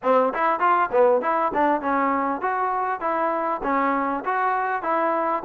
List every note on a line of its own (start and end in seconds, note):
0.02 0.33 C4
0.34 0.59 E4
0.59 0.89 F4
0.91 1.21 B3
1.21 1.52 E4
1.53 1.81 D4
1.81 2.41 C#4
2.41 3.00 F#4
3.00 3.61 E4
3.63 4.23 C#4
4.24 4.82 F#4
4.82 5.43 E4